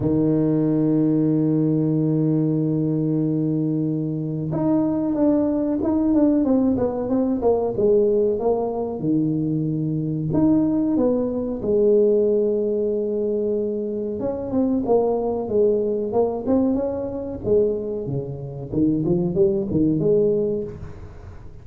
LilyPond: \new Staff \with { instrumentName = "tuba" } { \time 4/4 \tempo 4 = 93 dis1~ | dis2. dis'4 | d'4 dis'8 d'8 c'8 b8 c'8 ais8 | gis4 ais4 dis2 |
dis'4 b4 gis2~ | gis2 cis'8 c'8 ais4 | gis4 ais8 c'8 cis'4 gis4 | cis4 dis8 f8 g8 dis8 gis4 | }